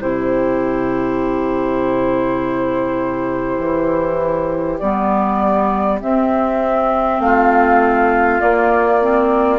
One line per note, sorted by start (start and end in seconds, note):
0.00 3.58 C3
0.00 4.80 E4
0.00 7.21 G4
0.00 4.79 C5
3.58 4.78 E3
4.79 6.02 G3
4.79 6.00 B3
4.79 5.99 D5
6.00 8.40 C4
6.00 7.20 C4
6.00 7.20 E5
7.20 8.39 A3
7.20 9.59 F4
7.20 8.40 F5
8.40 9.00 A#3
8.40 9.59 A#3
8.40 9.59 D5
9.01 9.59 C4